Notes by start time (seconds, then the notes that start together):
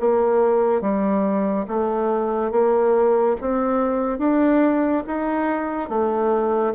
0.00 A#3
0.81 G3
1.67 A3
2.51 A#3
3.41 C4
4.18 D4
5.07 D#4
5.89 A3